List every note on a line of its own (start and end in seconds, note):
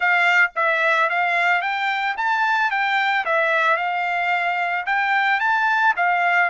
0.00 0.51 F5
0.55 1.09 E5
1.09 1.61 F5
1.61 2.15 G5
2.17 2.70 A5
2.70 3.24 G5
3.25 3.77 E5
3.77 4.85 F5
4.86 5.39 G5
5.39 5.93 A5
5.96 6.50 F5